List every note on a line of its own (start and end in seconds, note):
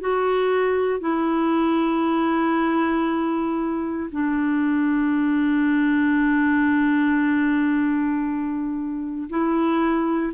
0.00 1.00 F#4
1.00 4.11 E4
4.11 9.29 D4
9.29 10.33 E4